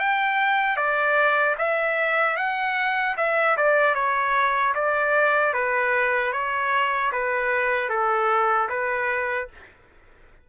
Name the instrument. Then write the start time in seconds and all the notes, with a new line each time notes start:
trumpet
0.00 G5
0.77 D5
1.59 E5
2.37 F#5
3.18 E5
3.57 D5
3.95 C#5
4.75 D5
5.54 B4
6.33 C#5
7.13 B4
7.90 A4
8.69 B4